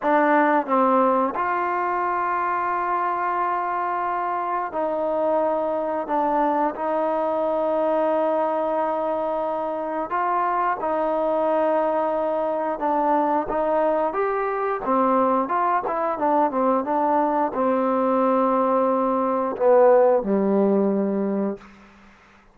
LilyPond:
\new Staff \with { instrumentName = "trombone" } { \time 4/4 \tempo 4 = 89 d'4 c'4 f'2~ | f'2. dis'4~ | dis'4 d'4 dis'2~ | dis'2. f'4 |
dis'2. d'4 | dis'4 g'4 c'4 f'8 e'8 | d'8 c'8 d'4 c'2~ | c'4 b4 g2 | }